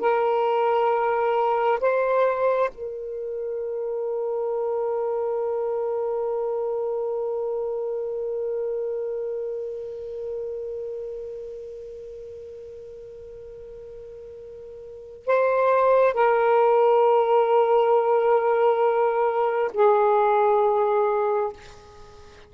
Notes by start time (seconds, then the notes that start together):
0.00 A#4
1.80 C5
2.74 A#4
15.26 C5
16.14 A#4
19.74 G#4